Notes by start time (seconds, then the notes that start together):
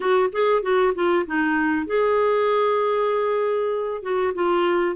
0.00 F#4
0.32 G#4
0.62 F#4
0.94 F4
1.26 D#4
1.86 G#4
4.02 F#4
4.34 F4